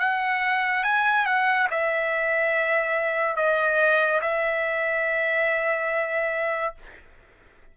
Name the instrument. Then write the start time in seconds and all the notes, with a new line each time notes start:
trumpet
0.00 F#5
0.84 G#5
1.26 F#5
1.71 E5
3.36 D#5
4.22 E5